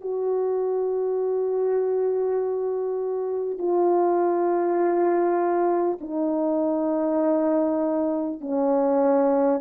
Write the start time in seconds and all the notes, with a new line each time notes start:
0.00 F#4
3.58 F4
6.00 D#4
8.41 C#4